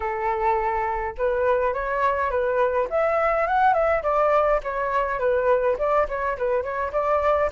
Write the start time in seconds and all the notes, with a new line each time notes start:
0.00 A4
1.17 B4
1.73 C#5
2.30 B4
2.90 E5
3.47 F#5
3.73 E5
4.03 D5
4.63 C#5
5.19 B4
5.78 D5
6.08 C#5
6.37 B4
6.62 C#5
6.92 D5